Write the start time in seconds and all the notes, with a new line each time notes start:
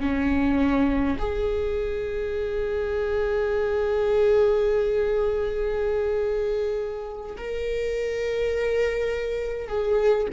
0.00 C#4
1.19 G#4
7.37 A#4
9.68 G#4